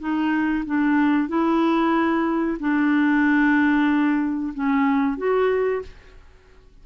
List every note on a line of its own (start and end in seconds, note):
0.00 0.65 D#4
0.66 1.29 D4
1.29 2.58 E4
2.60 4.54 D4
4.55 5.18 C#4
5.18 5.82 F#4